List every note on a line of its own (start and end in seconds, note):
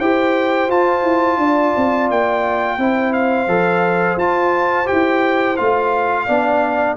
0.00 0.69 E4
0.00 0.70 G4
0.00 1.40 C5
0.00 0.71 G5
0.69 1.03 F4
0.69 2.80 F4
0.69 2.11 A5
1.04 1.38 E4
1.38 1.73 D4
1.38 2.79 D5
1.77 2.11 C4
2.11 2.78 A#3
2.11 3.14 G5
2.78 3.48 C4
2.78 3.49 E4
2.78 6.27 C5
3.14 4.18 F5
3.48 4.17 F3
3.48 4.19 A4
4.17 4.87 F4
4.17 4.86 F4
4.17 4.88 A5
4.86 5.56 G4
4.86 5.57 G5
4.93 5.60 E4
5.57 6.29 A3
5.57 6.28 F4
5.57 6.97 F5
6.27 6.98 B3
6.27 6.98 D4
6.27 6.97 D5